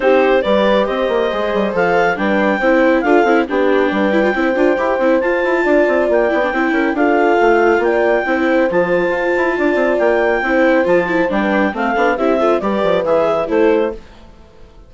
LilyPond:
<<
  \new Staff \with { instrumentName = "clarinet" } { \time 4/4 \tempo 4 = 138 c''4 d''4 dis''2 | f''4 g''2 f''4 | g''1 | a''2 g''2 |
f''2 g''2 | a''2. g''4~ | g''4 a''4 g''4 f''4 | e''4 d''4 e''4 c''4 | }
  \new Staff \with { instrumentName = "horn" } { \time 4/4 g'4 b'4 c''2~ | c''4 b'4 c''4 a'4 | g'4 b'4 c''2~ | c''4 d''2 c''8 ais'8 |
a'2 d''4 c''4~ | c''2 d''2 | c''2~ c''16 b'8. a'4 | g'8 a'8 b'2 a'4 | }
  \new Staff \with { instrumentName = "viola" } { \time 4/4 dis'4 g'2 gis'4 | a'4 d'4 e'4 f'8 e'8 | d'4. e'16 f'16 e'8 f'8 g'8 e'8 | f'2~ f'8 e'16 d'16 e'4 |
f'2. e'4 | f'1 | e'4 f'8 e'8 d'4 c'8 d'8 | e'8 f'8 g'4 gis'4 e'4 | }
  \new Staff \with { instrumentName = "bassoon" } { \time 4/4 c'4 g4 c'8 ais8 gis8 g8 | f4 g4 c'4 d'8 c'8 | b4 g4 c'8 d'8 e'8 c'8 | f'8 e'8 d'8 c'8 ais8 b8 c'8 cis'8 |
d'4 a4 ais4 c'4 | f4 f'8 e'8 d'8 c'8 ais4 | c'4 f4 g4 a8 b8 | c'4 g8 f8 e4 a4 | }
>>